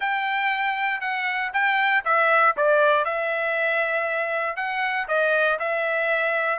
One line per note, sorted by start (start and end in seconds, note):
0.00 1.00 G5
1.00 1.51 F#5
1.53 2.04 G5
2.04 2.55 E5
2.56 3.05 D5
3.05 4.56 E5
4.56 5.07 F#5
5.08 5.59 D#5
5.59 6.59 E5